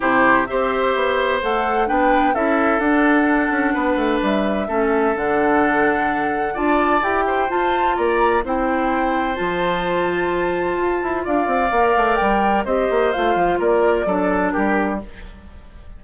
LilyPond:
<<
  \new Staff \with { instrumentName = "flute" } { \time 4/4 \tempo 4 = 128 c''4 e''2 fis''4 | g''4 e''4 fis''2~ | fis''4 e''2 fis''4~ | fis''2 a''4 g''4 |
a''4 ais''4 g''2 | a''1 | f''2 g''4 dis''4 | f''4 d''2 ais'4 | }
  \new Staff \with { instrumentName = "oboe" } { \time 4/4 g'4 c''2. | b'4 a'2. | b'2 a'2~ | a'2 d''4. c''8~ |
c''4 d''4 c''2~ | c''1 | d''2. c''4~ | c''4 ais'4 a'4 g'4 | }
  \new Staff \with { instrumentName = "clarinet" } { \time 4/4 e'4 g'2 a'4 | d'4 e'4 d'2~ | d'2 cis'4 d'4~ | d'2 f'4 g'4 |
f'2 e'2 | f'1~ | f'4 ais'2 g'4 | f'2 d'2 | }
  \new Staff \with { instrumentName = "bassoon" } { \time 4/4 c4 c'4 b4 a4 | b4 cis'4 d'4. cis'8 | b8 a8 g4 a4 d4~ | d2 d'4 e'4 |
f'4 ais4 c'2 | f2. f'8 e'8 | d'8 c'8 ais8 a8 g4 c'8 ais8 | a8 f8 ais4 fis4 g4 | }
>>